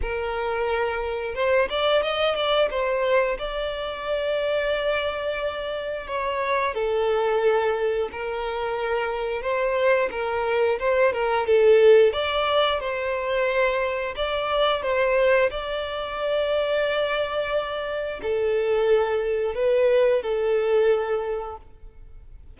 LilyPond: \new Staff \with { instrumentName = "violin" } { \time 4/4 \tempo 4 = 89 ais'2 c''8 d''8 dis''8 d''8 | c''4 d''2.~ | d''4 cis''4 a'2 | ais'2 c''4 ais'4 |
c''8 ais'8 a'4 d''4 c''4~ | c''4 d''4 c''4 d''4~ | d''2. a'4~ | a'4 b'4 a'2 | }